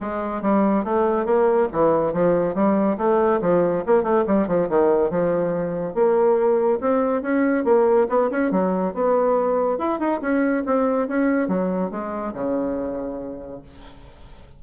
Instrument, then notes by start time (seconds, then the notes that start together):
bassoon
0.01 G#3
0.42 G3
0.84 A3
1.25 A#3
1.72 E3
2.13 F3
2.54 G3
2.97 A3
3.41 F3
3.86 A#3
4.03 A3
4.26 G3
4.47 F3
4.69 D#3
5.10 F3
5.94 A#3
6.80 C4
7.21 C#4
7.64 A#3
8.09 B3
8.30 C#4
8.51 F#3
8.94 B3
9.78 E4
9.99 D#4
10.21 C#4
10.66 C4
11.08 C#4
11.48 F#3
11.91 G#3
12.34 C#3